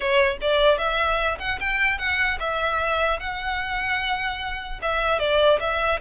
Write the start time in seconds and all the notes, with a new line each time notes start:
0.00 C#5
0.41 D5
0.78 E5
1.39 F#5
1.59 G5
1.98 F#5
2.39 E5
3.19 F#5
4.82 E5
5.19 D5
5.59 E5